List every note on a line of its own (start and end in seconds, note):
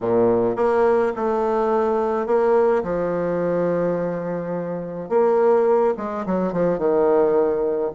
0.01 0.56 A#2
0.56 1.12 A#3
1.16 2.26 A3
2.26 2.83 A#3
2.83 5.09 F3
5.09 5.94 A#3
5.97 6.25 G#3
6.26 6.52 F#3
6.52 6.78 F3
6.78 7.91 D#3